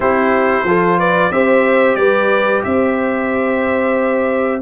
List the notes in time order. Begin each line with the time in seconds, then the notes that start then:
0.00 C4 E4 G4 C5
0.63 F3 F4 A4
0.98 B4 D5
1.30 C4 G4 C5 E5
1.95 G3 B4 D5
2.63 C4 C5 E5